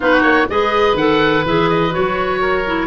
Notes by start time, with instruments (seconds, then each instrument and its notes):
0.00 tuba B3, clarinet D#4, oboe F#4 B4
0.22 tuba A#3, oboe C#5
0.48 tuba G#3, clarinet G#4, oboe B4 D#5
0.94 tuba D#3, clarinet A4, oboe F#5
1.45 tuba E3, clarinet G#4, oboe E5
1.69 oboe D#5
1.90 clarinet F#4, oboe C#5
1.97 tuba F#3
2.40 oboe A#4
2.66 clarinet E4